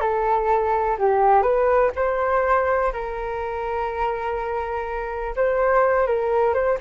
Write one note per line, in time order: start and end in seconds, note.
0.00 0.97 A4
0.98 1.42 G4
1.42 1.90 B4
1.95 2.92 C5
2.93 5.34 A#4
5.36 6.06 C5
6.06 6.54 A#4
6.54 6.78 C5